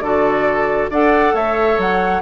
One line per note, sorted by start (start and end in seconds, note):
0.00 0.88 D3
0.00 0.92 F#4
0.00 0.91 A4
0.00 0.89 D5
0.90 1.34 D4
0.90 2.22 A4
0.90 1.34 D5
0.90 1.35 F#5
1.34 1.78 A3
1.34 2.22 C#5
1.34 1.79 E5
1.78 2.22 F#3
1.78 2.22 F#5